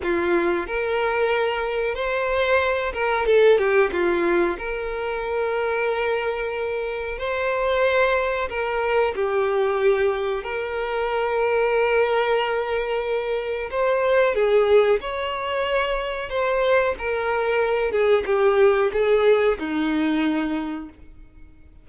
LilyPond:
\new Staff \with { instrumentName = "violin" } { \time 4/4 \tempo 4 = 92 f'4 ais'2 c''4~ | c''8 ais'8 a'8 g'8 f'4 ais'4~ | ais'2. c''4~ | c''4 ais'4 g'2 |
ais'1~ | ais'4 c''4 gis'4 cis''4~ | cis''4 c''4 ais'4. gis'8 | g'4 gis'4 dis'2 | }